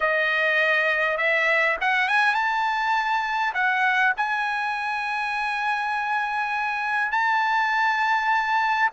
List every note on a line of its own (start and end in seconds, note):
0.00 1.17 D#5
1.17 1.76 E5
1.80 2.08 F#5
2.08 2.34 G#5
2.34 3.53 A5
3.53 4.13 F#5
4.17 7.11 G#5
7.11 8.89 A5